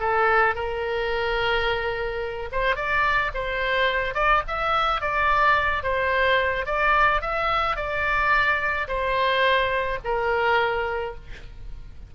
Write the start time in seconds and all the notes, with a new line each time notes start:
0.00 A4
0.55 A#4
2.52 C5
2.76 D5
3.34 C5
4.14 D5
4.47 E5
5.01 D5
5.83 C5
6.66 D5
7.21 E5
7.76 D5
8.88 C5
10.04 A#4